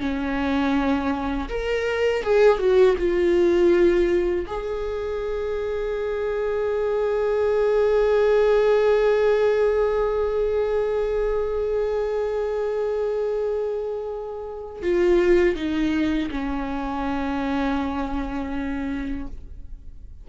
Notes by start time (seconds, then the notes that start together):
0.00 C#4
1.49 A#4
2.23 G#4
2.58 F#4
2.98 F4
4.47 G#4
14.82 F4
15.56 D#4
16.31 C#4